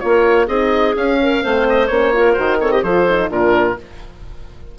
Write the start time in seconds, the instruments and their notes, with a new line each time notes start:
0.00 bassoon A#3, horn F4, oboe C#5
0.06 clarinet A#4
0.47 bassoon C4, horn D#4, clarinet G#4, oboe D#5
0.97 bassoon C#4, horn C#4, oboe F5
1.22 clarinet A#4
1.42 bassoon A3, horn C4, clarinet C5
1.70 oboe D#5
1.87 bassoon A#3, horn C#4, oboe C#5
2.13 horn F4, clarinet A#4
2.33 bassoon D#3, horn F#4, oboe C5
2.61 horn C4, clarinet A4, oboe C#5
2.72 clarinet G4, oboe D#5
2.83 bassoon F3, horn F4, clarinet A4, oboe C5
3.10 horn D#4
3.30 bassoon A#2, horn D4, clarinet F4, oboe A#4